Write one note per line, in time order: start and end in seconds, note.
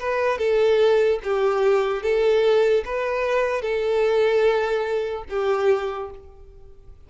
0.00 0.39 B4
0.39 1.20 A4
1.24 2.03 G4
2.03 2.84 A4
2.86 3.62 B4
3.62 5.24 A4
5.30 6.11 G4